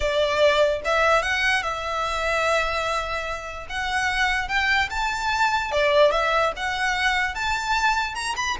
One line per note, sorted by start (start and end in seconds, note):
0.00 0.81 D5
0.84 1.22 E5
1.22 1.62 F#5
1.62 3.66 E5
3.69 4.48 F#5
4.48 4.89 G5
4.90 5.71 A5
5.71 6.11 D5
6.11 6.52 E5
6.56 7.35 F#5
7.35 8.14 A5
8.14 8.35 A#5
8.36 8.57 B5